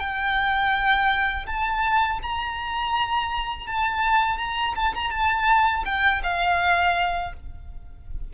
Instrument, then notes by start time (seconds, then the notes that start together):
violin
0.00 G5
1.47 A5
2.23 A#5
3.67 A5
4.38 A#5
4.76 A5
4.95 A#5
5.11 A5
5.85 G5
6.24 F5